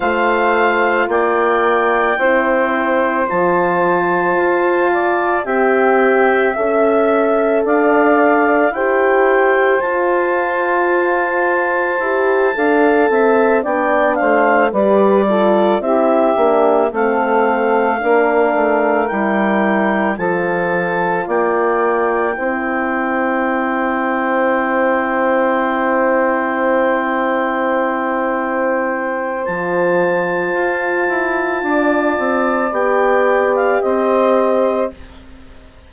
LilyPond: <<
  \new Staff \with { instrumentName = "clarinet" } { \time 4/4 \tempo 4 = 55 f''4 g''2 a''4~ | a''4 g''4 e''4 f''4 | g''4 a''2.~ | a''8 g''8 f''8 d''4 e''4 f''8~ |
f''4. g''4 a''4 g''8~ | g''1~ | g''2. a''4~ | a''2 g''8. f''16 dis''4 | }
  \new Staff \with { instrumentName = "saxophone" } { \time 4/4 c''4 d''4 c''2~ | c''8 d''8 e''2 d''4 | c''2.~ c''8 f''8 | e''8 d''8 c''8 b'8 a'8 g'4 a'8~ |
a'8 ais'2 a'4 d''8~ | d''8 c''2.~ c''8~ | c''1~ | c''4 d''2 c''4 | }
  \new Staff \with { instrumentName = "horn" } { \time 4/4 f'2 e'4 f'4~ | f'4 g'4 a'2 | g'4 f'2 g'8 a'8~ | a'8 d'4 g'8 f'8 e'8 d'8 c'8~ |
c'8 d'4 e'4 f'4.~ | f'8 e'2.~ e'8~ | e'2. f'4~ | f'2 g'2 | }
  \new Staff \with { instrumentName = "bassoon" } { \time 4/4 a4 ais4 c'4 f4 | f'4 c'4 cis'4 d'4 | e'4 f'2 e'8 d'8 | c'8 b8 a8 g4 c'8 ais8 a8~ |
a8 ais8 a8 g4 f4 ais8~ | ais8 c'2.~ c'8~ | c'2. f4 | f'8 e'8 d'8 c'8 b4 c'4 | }
>>